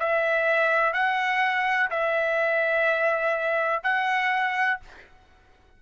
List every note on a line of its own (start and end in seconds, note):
0.00 0.93 E5
0.93 1.90 F#5
1.90 3.84 E5
3.84 4.80 F#5